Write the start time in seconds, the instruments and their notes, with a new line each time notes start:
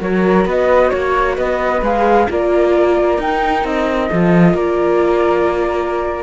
0.00 cello F#3, viola F#4, flute A#4 C#5
0.45 cello B3, flute B4 D#5
0.89 cello A#3, flute C#5
1.36 cello B3, flute B4 D#5
1.82 cello G#3, viola G#4, flute F5
2.29 cello A#3, viola F4, flute A#4 D5
3.18 cello D#4, viola D#4, flute G5
3.64 cello C4, flute D#5
4.09 cello F3, viola F4, flute A4
4.54 cello A#3, flute A#4 D5